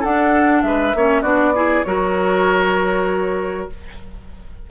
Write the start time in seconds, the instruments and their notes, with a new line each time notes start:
0.00 bassoon D4, clarinet D4, oboe A4, flute F#5
0.62 bassoon G#3, oboe B4, flute E5
0.95 bassoon A#3, clarinet C#4, oboe C#5
1.22 bassoon B3, clarinet D4, oboe F#4, flute D5
1.54 clarinet E4, oboe G#4
1.84 bassoon F#3, clarinet F#4, oboe A#4, flute C#5